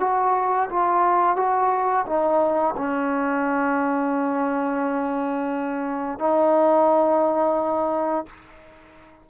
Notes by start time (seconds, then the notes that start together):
0.00 F#4
0.70 F4
1.36 F#4
2.06 D#4
2.77 C#4
6.19 D#4